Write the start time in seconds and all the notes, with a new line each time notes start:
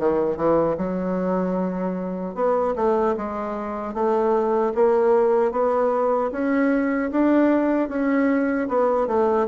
0.00 D#3
0.37 E3
0.78 F#3
2.35 B3
2.76 A3
3.18 G#3
3.95 A3
4.75 A#3
5.52 B3
6.32 C#4
7.12 D4
7.89 C#4
8.69 B3
9.08 A3